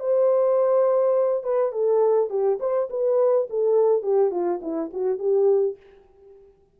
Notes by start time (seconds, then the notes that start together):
0.00 C5
1.44 B4
1.72 A4
2.30 G4
2.60 C5
2.90 B4
3.50 A4
4.03 G4
4.31 F4
4.62 E4
4.93 F#4
5.19 G4